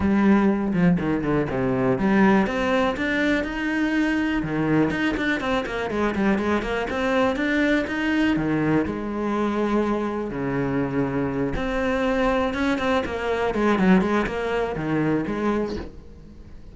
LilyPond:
\new Staff \with { instrumentName = "cello" } { \time 4/4 \tempo 4 = 122 g4. f8 dis8 d8 c4 | g4 c'4 d'4 dis'4~ | dis'4 dis4 dis'8 d'8 c'8 ais8 | gis8 g8 gis8 ais8 c'4 d'4 |
dis'4 dis4 gis2~ | gis4 cis2~ cis8 c'8~ | c'4. cis'8 c'8 ais4 gis8 | fis8 gis8 ais4 dis4 gis4 | }